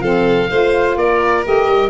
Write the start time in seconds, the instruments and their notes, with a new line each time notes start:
0.00 tuba F3, saxophone C4, violin A4, oboe F5
0.50 tuba A3, saxophone F4, violin C5
0.96 tuba A#3, violin A#4, oboe D5
1.44 tuba A3, saxophone G4, oboe D#5
1.68 tuba G3